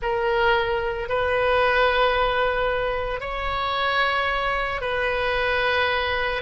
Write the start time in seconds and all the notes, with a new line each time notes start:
0.01 A#4
1.09 B4
3.20 C#5
4.81 B4